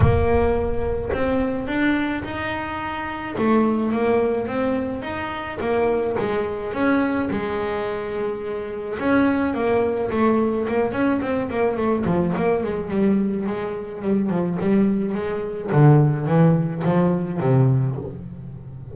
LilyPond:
\new Staff \with { instrumentName = "double bass" } { \time 4/4 \tempo 4 = 107 ais2 c'4 d'4 | dis'2 a4 ais4 | c'4 dis'4 ais4 gis4 | cis'4 gis2. |
cis'4 ais4 a4 ais8 cis'8 | c'8 ais8 a8 f8 ais8 gis8 g4 | gis4 g8 f8 g4 gis4 | d4 e4 f4 c4 | }